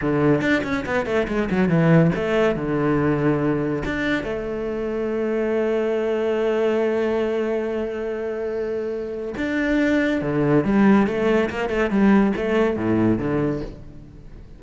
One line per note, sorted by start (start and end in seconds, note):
0.01 0.41 D3
0.41 0.62 D4
0.63 0.85 C#4
0.85 1.05 B3
1.05 1.27 A3
1.28 1.49 G#3
1.50 1.68 F#3
1.68 2.11 E3
2.15 2.55 A3
2.55 3.83 D3
3.85 4.23 D4
4.23 9.34 A3
9.37 10.21 D4
10.21 10.64 D3
10.64 11.06 G3
11.06 11.49 A3
11.50 11.69 A#3
11.69 11.90 A3
11.90 12.32 G3
12.36 12.76 A3
12.76 13.18 A2
13.18 13.61 D3